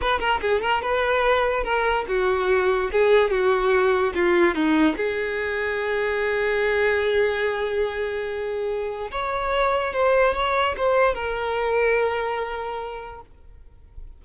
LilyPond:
\new Staff \with { instrumentName = "violin" } { \time 4/4 \tempo 4 = 145 b'8 ais'8 gis'8 ais'8 b'2 | ais'4 fis'2 gis'4 | fis'2 f'4 dis'4 | gis'1~ |
gis'1~ | gis'2 cis''2 | c''4 cis''4 c''4 ais'4~ | ais'1 | }